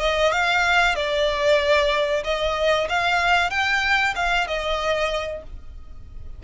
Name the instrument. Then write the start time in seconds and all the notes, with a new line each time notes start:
violin
0.00 D#5
0.32 F5
0.95 D5
2.24 D#5
2.89 F5
3.50 G5
4.15 F5
4.47 D#5